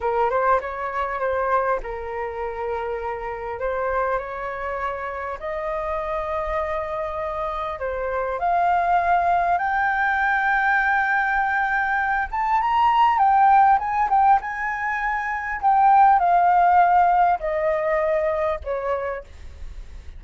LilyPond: \new Staff \with { instrumentName = "flute" } { \time 4/4 \tempo 4 = 100 ais'8 c''8 cis''4 c''4 ais'4~ | ais'2 c''4 cis''4~ | cis''4 dis''2.~ | dis''4 c''4 f''2 |
g''1~ | g''8 a''8 ais''4 g''4 gis''8 g''8 | gis''2 g''4 f''4~ | f''4 dis''2 cis''4 | }